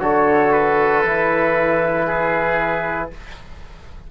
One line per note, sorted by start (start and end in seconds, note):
0.00 1.03 D3
0.00 1.04 F#4
0.00 2.06 A4
0.00 0.52 C#5
0.52 3.11 B4
1.03 3.10 E3
1.03 3.11 E4
2.06 3.10 G#4